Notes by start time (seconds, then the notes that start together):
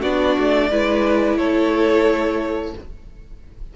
0.00 B3 D4 F#4 D5
0.39 A3
0.71 G#3 E4 B4
1.38 A3 A4 C#5